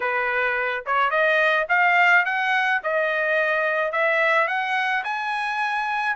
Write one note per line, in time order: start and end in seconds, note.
0.00 0.84 B4
0.86 1.10 C#5
1.10 1.66 D#5
1.68 2.25 F5
2.25 2.81 F#5
2.83 3.92 D#5
3.92 4.47 E5
4.47 5.03 F#5
5.04 6.15 G#5